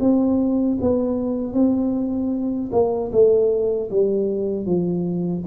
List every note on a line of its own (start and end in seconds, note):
0.00 0.78 C4
0.80 1.53 B3
1.53 2.70 C4
2.72 3.11 A#3
3.12 3.90 A3
3.90 4.65 G3
4.65 5.43 F3